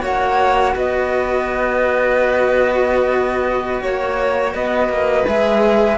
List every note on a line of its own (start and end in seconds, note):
0.00 0.75 A#3
0.00 5.24 F#4
0.00 0.75 C#5
0.00 0.77 F#5
0.76 3.83 B3
0.76 3.83 B4
0.76 3.83 D#5
3.83 4.55 A#3
3.83 4.55 C#5
3.83 4.54 C#5
4.54 4.89 B3
4.54 5.98 B4
4.54 5.27 D#5
4.89 5.26 A#3
5.28 5.98 G#3
5.28 5.98 G#4
5.28 5.98 E5